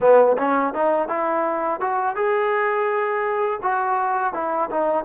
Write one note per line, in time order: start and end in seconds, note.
0.00 0.36 B3
0.37 0.74 C#4
0.74 1.08 D#4
1.08 1.80 E4
1.80 2.15 F#4
2.15 3.60 G#4
3.62 4.33 F#4
4.33 4.69 E4
4.70 5.04 D#4